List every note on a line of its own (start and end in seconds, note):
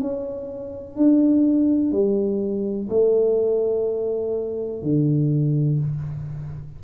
0.00 0.96 C#4
0.96 1.91 D4
1.91 2.88 G3
2.89 4.82 A3
4.82 5.79 D3